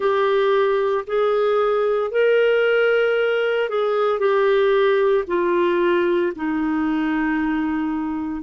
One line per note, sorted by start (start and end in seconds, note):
0.00 1.04 G4
1.06 2.11 G#4
2.11 3.68 A#4
3.69 4.19 G#4
4.19 5.24 G4
5.27 6.32 F4
6.35 8.42 D#4